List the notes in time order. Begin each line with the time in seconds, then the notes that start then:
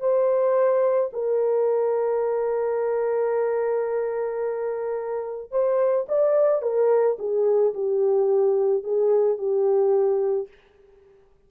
0.00 C5
1.12 A#4
5.51 C5
6.08 D5
6.62 A#4
7.18 G#4
7.74 G4
8.83 G#4
9.38 G4